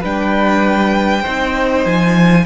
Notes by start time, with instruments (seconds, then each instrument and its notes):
0.00 cello G3, viola D4, violin B4 G5
1.21 cello C4, viola D#4, violin C5
1.85 cello F3, violin G#5